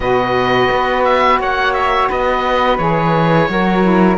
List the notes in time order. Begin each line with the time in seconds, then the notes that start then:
0.00 B2 F#4 B4 D#5
0.71 B3
1.04 E5
1.39 A#3 C#5 F#5
1.73 E5
2.09 B3 B4 D#5
2.77 E3 G#4 C#5
3.48 F#3 F#4 A#4
3.82 E4